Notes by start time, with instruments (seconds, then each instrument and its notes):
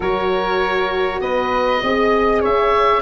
0.00 tuba F#3, horn F#4, flute A#4, oboe C#5
1.20 tuba B3, flute B4, oboe D#5
1.81 tuba C4, horn G#4, flute D#5
2.40 tuba C#4, flute C#5, oboe E5